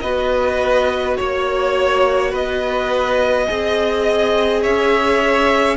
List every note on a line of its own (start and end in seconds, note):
0.00 1.16 B3
0.00 3.47 F#4
0.00 1.17 B4
0.00 1.15 D#5
1.17 2.32 A#3
1.17 2.31 C#5
1.17 2.34 C#5
2.31 3.48 B3
2.31 3.46 B4
2.31 4.63 D#5
3.47 4.65 C4
3.47 5.76 G#4
3.47 4.62 D#5
4.62 5.76 C#4
4.62 5.76 C#5
4.62 5.76 E5